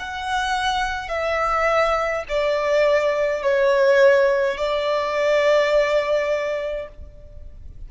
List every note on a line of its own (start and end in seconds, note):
0.00 1.09 F#5
1.09 2.24 E5
2.29 3.43 D5
3.43 4.58 C#5
4.58 6.89 D5